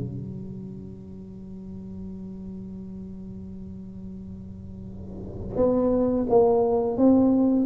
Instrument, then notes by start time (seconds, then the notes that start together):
tuba
0.00 F#3
5.57 B3
6.30 A#3
6.98 C4